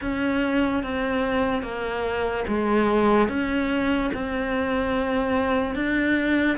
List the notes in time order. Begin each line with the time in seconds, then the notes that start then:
0.01 C#4
0.83 C4
1.62 A#3
2.47 G#3
3.28 C#4
4.13 C4
5.75 D4